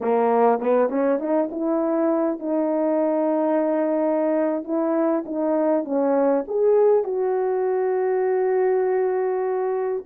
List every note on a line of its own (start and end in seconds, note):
0.00 0.59 A#3
0.59 0.89 B3
0.89 1.19 C#4
1.19 1.49 D#4
1.51 2.39 E4
2.39 4.63 D#4
4.63 5.24 E4
5.25 5.84 D#4
5.84 6.44 C#4
6.47 7.04 G#4
7.04 10.04 F#4